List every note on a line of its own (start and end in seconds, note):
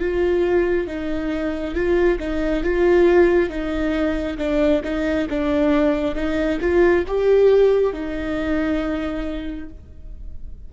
0.00 0.87 F4
0.87 1.75 D#4
1.75 2.19 F4
2.19 2.63 D#4
2.63 3.49 F4
3.49 4.38 D#4
4.38 4.82 D4
4.84 5.28 D#4
5.30 6.15 D4
6.15 6.59 D#4
6.61 7.05 F4
7.07 7.93 G4
7.93 9.69 D#4